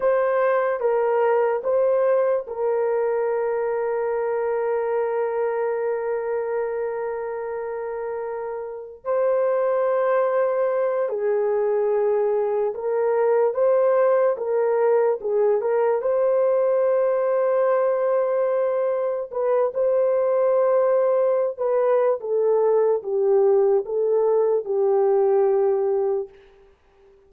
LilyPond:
\new Staff \with { instrumentName = "horn" } { \time 4/4 \tempo 4 = 73 c''4 ais'4 c''4 ais'4~ | ais'1~ | ais'2. c''4~ | c''4. gis'2 ais'8~ |
ais'8 c''4 ais'4 gis'8 ais'8 c''8~ | c''2.~ c''8 b'8 | c''2~ c''16 b'8. a'4 | g'4 a'4 g'2 | }